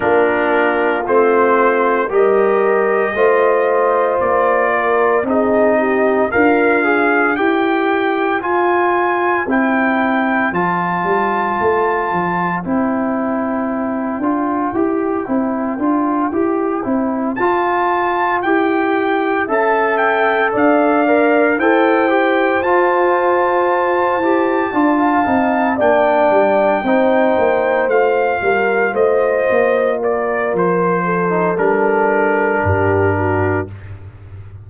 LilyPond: <<
  \new Staff \with { instrumentName = "trumpet" } { \time 4/4 \tempo 4 = 57 ais'4 c''4 dis''2 | d''4 dis''4 f''4 g''4 | gis''4 g''4 a''2 | g''1~ |
g''8 a''4 g''4 a''8 g''8 f''8~ | f''8 g''4 a''2~ a''8~ | a''8 g''2 f''4 dis''8~ | dis''8 d''8 c''4 ais'2 | }
  \new Staff \with { instrumentName = "horn" } { \time 4/4 f'2 ais'4 c''4~ | c''8 ais'8 gis'8 g'8 f'4 c''4~ | c''1~ | c''1~ |
c''2~ c''8 e''4 d''8~ | d''8 c''2. d''16 f''16~ | f''8 d''4 c''4. ais'8 c''8~ | c''8 ais'4 a'4. g'8 fis'8 | }
  \new Staff \with { instrumentName = "trombone" } { \time 4/4 d'4 c'4 g'4 f'4~ | f'4 dis'4 ais'8 gis'8 g'4 | f'4 e'4 f'2 | e'4. f'8 g'8 e'8 f'8 g'8 |
e'8 f'4 g'4 a'4. | ais'8 a'8 g'8 f'4. g'8 f'8 | dis'8 d'4 dis'4 f'4.~ | f'4.~ f'16 dis'16 d'2 | }
  \new Staff \with { instrumentName = "tuba" } { \time 4/4 ais4 a4 g4 a4 | ais4 c'4 d'4 e'4 | f'4 c'4 f8 g8 a8 f8 | c'4. d'8 e'8 c'8 d'8 e'8 |
c'8 f'4 e'4 cis'4 d'8~ | d'8 e'4 f'4. e'8 d'8 | c'8 ais8 g8 c'8 ais8 a8 g8 a8 | ais4 f4 g4 g,4 | }
>>